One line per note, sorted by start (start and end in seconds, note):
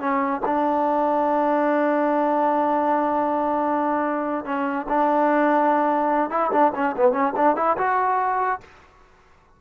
0.00 0.41 C#4
0.46 4.45 D4
4.45 4.87 C#4
4.89 6.30 D4
6.30 6.51 E4
6.52 6.73 D4
6.75 6.96 C#4
6.97 7.12 B3
7.12 7.33 C#4
7.37 7.57 D4
7.57 7.77 E4
7.78 8.61 F#4